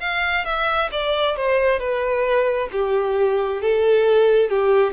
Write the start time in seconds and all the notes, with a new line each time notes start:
0.00 F5
0.44 E5
0.92 D5
1.36 C5
1.79 B4
2.72 G4
3.61 A4
4.49 G4